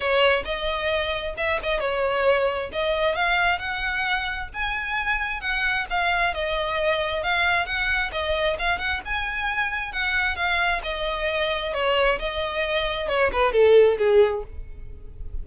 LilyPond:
\new Staff \with { instrumentName = "violin" } { \time 4/4 \tempo 4 = 133 cis''4 dis''2 e''8 dis''8 | cis''2 dis''4 f''4 | fis''2 gis''2 | fis''4 f''4 dis''2 |
f''4 fis''4 dis''4 f''8 fis''8 | gis''2 fis''4 f''4 | dis''2 cis''4 dis''4~ | dis''4 cis''8 b'8 a'4 gis'4 | }